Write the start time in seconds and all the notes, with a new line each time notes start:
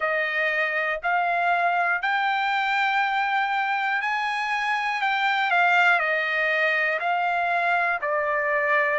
0.00 D#5
1.02 F5
2.02 G5
4.01 G#5
5.01 G5
5.50 F5
5.99 D#5
6.99 F5
8.01 D5